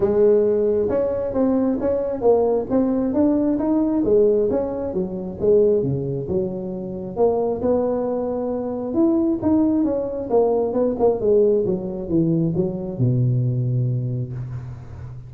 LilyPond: \new Staff \with { instrumentName = "tuba" } { \time 4/4 \tempo 4 = 134 gis2 cis'4 c'4 | cis'4 ais4 c'4 d'4 | dis'4 gis4 cis'4 fis4 | gis4 cis4 fis2 |
ais4 b2. | e'4 dis'4 cis'4 ais4 | b8 ais8 gis4 fis4 e4 | fis4 b,2. | }